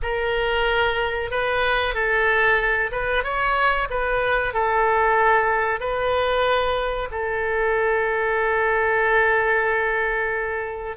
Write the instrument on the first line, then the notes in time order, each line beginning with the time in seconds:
oboe
0.02 A#4
1.30 B4
1.94 A4
2.91 B4
3.23 C#5
3.90 B4
4.53 A4
5.79 B4
7.11 A4